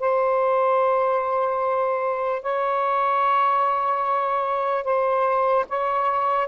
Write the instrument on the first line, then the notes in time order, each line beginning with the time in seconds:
saxophone
0.00 C5
2.42 C#5
4.84 C5
5.69 C#5